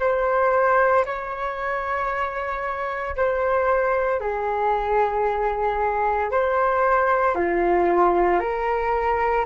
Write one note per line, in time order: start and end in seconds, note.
0.00 1.05 C5
1.06 3.16 C#5
3.17 4.21 C5
4.21 6.31 G#4
6.31 7.35 C5
7.35 8.40 F4
8.40 9.45 A#4